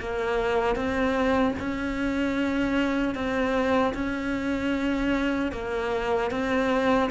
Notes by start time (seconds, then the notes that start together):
0.00 A#3
0.76 C4
1.59 C#4
3.15 C4
3.94 C#4
5.52 A#3
6.31 C4